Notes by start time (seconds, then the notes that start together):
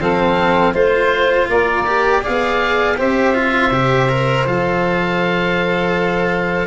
0.00 F3 C4 A4 F5
0.73 A3 F4 C5
1.48 A#3 A#4 D5
1.87 G4
2.22 G#4 D5 F5
2.28 B3
2.97 C4 G4 C5 E5
3.35 F4
3.71 C3 G4
4.09 A#4
4.46 F3 A4 F5